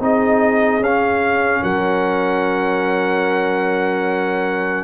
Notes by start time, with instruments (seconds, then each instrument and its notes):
0.00 tuba C4, trombone D#4, horn G#4, trumpet D#5
0.80 tuba C#4, trombone C#4, trumpet F5
1.61 tuba F#3, horn A#4, trumpet F#5